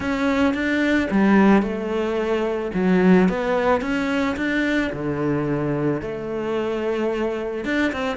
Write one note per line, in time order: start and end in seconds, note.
0.00 0.54 C#4
0.54 1.08 D4
1.10 1.62 G3
1.62 2.71 A3
2.74 3.28 F#3
3.29 3.81 B3
3.81 4.35 C#4
4.36 4.91 D4
4.92 6.01 D3
6.01 7.64 A3
7.64 7.92 D4
7.92 8.16 C4